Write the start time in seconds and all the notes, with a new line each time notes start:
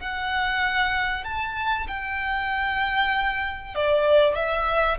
0.00 F#5
1.24 A5
1.88 G5
3.75 D5
4.35 E5